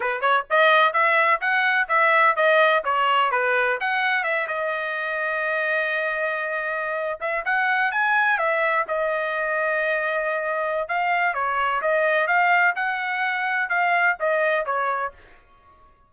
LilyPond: \new Staff \with { instrumentName = "trumpet" } { \time 4/4 \tempo 4 = 127 b'8 cis''8 dis''4 e''4 fis''4 | e''4 dis''4 cis''4 b'4 | fis''4 e''8 dis''2~ dis''8~ | dis''2.~ dis''16 e''8 fis''16~ |
fis''8. gis''4 e''4 dis''4~ dis''16~ | dis''2. f''4 | cis''4 dis''4 f''4 fis''4~ | fis''4 f''4 dis''4 cis''4 | }